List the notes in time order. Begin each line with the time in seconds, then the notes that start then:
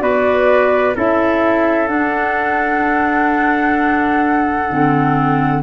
0.00 B3 F#4 B4 D5
0.95 C#4 E4 A4 E5
1.87 D4 F#5
4.69 D3 C4